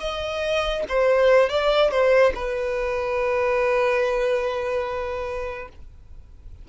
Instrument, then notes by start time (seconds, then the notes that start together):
violin
0.00 D#5
0.89 C5
1.50 D5
1.91 C5
2.35 B4